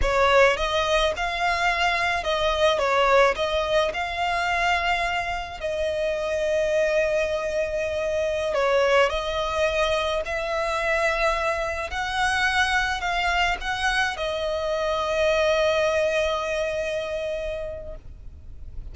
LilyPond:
\new Staff \with { instrumentName = "violin" } { \time 4/4 \tempo 4 = 107 cis''4 dis''4 f''2 | dis''4 cis''4 dis''4 f''4~ | f''2 dis''2~ | dis''2.~ dis''16 cis''8.~ |
cis''16 dis''2 e''4.~ e''16~ | e''4~ e''16 fis''2 f''8.~ | f''16 fis''4 dis''2~ dis''8.~ | dis''1 | }